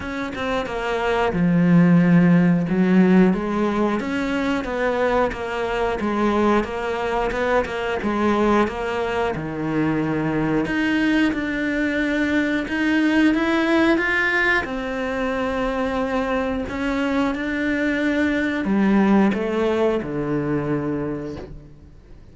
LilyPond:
\new Staff \with { instrumentName = "cello" } { \time 4/4 \tempo 4 = 90 cis'8 c'8 ais4 f2 | fis4 gis4 cis'4 b4 | ais4 gis4 ais4 b8 ais8 | gis4 ais4 dis2 |
dis'4 d'2 dis'4 | e'4 f'4 c'2~ | c'4 cis'4 d'2 | g4 a4 d2 | }